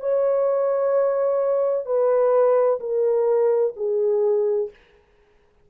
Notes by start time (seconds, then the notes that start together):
0.00 C#5
1.86 B4
2.80 A#4
3.77 G#4